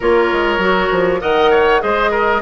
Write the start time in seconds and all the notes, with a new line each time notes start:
0.00 A#3 F4 A#4 C#5
0.32 G#3
0.58 F#3 F#4
0.91 F3
1.20 D#3 A#4 D#5 F#5
1.51 C#5
1.80 G#3 G#4 C5 D#5
2.10 A#4